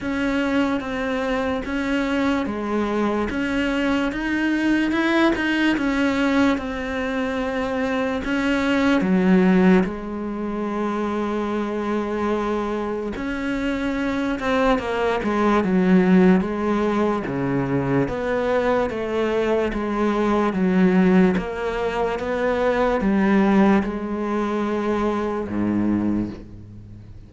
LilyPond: \new Staff \with { instrumentName = "cello" } { \time 4/4 \tempo 4 = 73 cis'4 c'4 cis'4 gis4 | cis'4 dis'4 e'8 dis'8 cis'4 | c'2 cis'4 fis4 | gis1 |
cis'4. c'8 ais8 gis8 fis4 | gis4 cis4 b4 a4 | gis4 fis4 ais4 b4 | g4 gis2 gis,4 | }